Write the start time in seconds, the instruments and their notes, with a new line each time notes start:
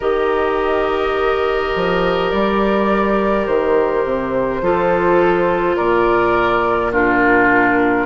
0.00 bassoon D#3, clarinet G4, oboe A#4, flute D#5
1.75 bassoon F3
2.30 bassoon G3, flute D5
3.46 bassoon D#3, flute C5
4.05 bassoon C3
4.61 bassoon F3, clarinet F4, oboe A4
5.76 bassoon A#2, oboe A#4, flute D5
6.91 clarinet D4, oboe F4, flute A#4